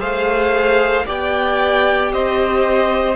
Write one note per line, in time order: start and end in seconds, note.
0.00 1.06 A3
0.00 1.05 G#4
0.00 1.06 C5
0.00 1.06 F5
1.06 2.13 B3
1.06 3.16 G4
1.06 2.12 D5
1.06 2.13 G5
2.13 3.16 C4
2.13 3.16 C5
2.13 3.16 D#5